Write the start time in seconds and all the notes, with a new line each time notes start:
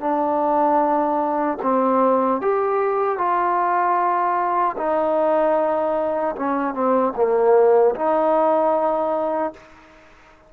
0.00 D4
1.62 C4
2.41 G4
3.18 F4
4.77 D#4
6.36 C#4
6.74 C4
7.16 A#3
7.95 D#4